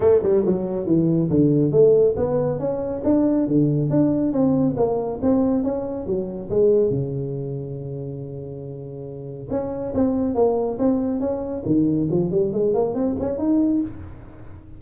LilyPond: \new Staff \with { instrumentName = "tuba" } { \time 4/4 \tempo 4 = 139 a8 g8 fis4 e4 d4 | a4 b4 cis'4 d'4 | d4 d'4 c'4 ais4 | c'4 cis'4 fis4 gis4 |
cis1~ | cis2 cis'4 c'4 | ais4 c'4 cis'4 dis4 | f8 g8 gis8 ais8 c'8 cis'8 dis'4 | }